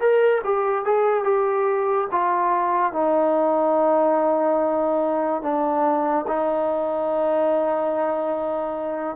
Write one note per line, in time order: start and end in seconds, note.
0.00 0.42 A#4
0.44 0.85 G4
0.85 1.24 G#4
1.24 2.08 G4
2.12 2.93 F4
2.93 5.42 D#4
5.42 6.26 D4
6.28 9.16 D#4